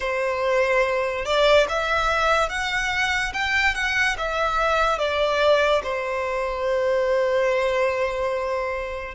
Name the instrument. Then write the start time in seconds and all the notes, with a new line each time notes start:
violin
0.00 C5
1.25 D5
1.68 E5
2.49 F#5
3.33 G5
3.75 F#5
4.17 E5
4.98 D5
5.83 C5